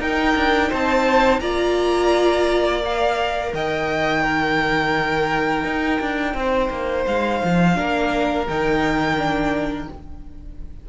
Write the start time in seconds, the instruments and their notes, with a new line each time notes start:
0.00 cello D#4, viola D#4, violin A#4 G5
0.36 cello D4
0.70 cello C4, violin C5 A5
1.41 cello A#3, viola F4, violin D5 A#5
2.85 viola A#4, violin F5
3.53 cello D#3, violin D#5 G5
4.23 viola D#4, violin A#4
5.65 cello D#4
6.01 cello D4
6.35 cello C4, violin C5
6.71 cello A#3
7.06 cello G#3, violin F5
7.44 cello F3
7.75 cello A#3, viola D4, violin A#4
8.47 cello D#3, viola D#4, violin G5
9.18 viola D4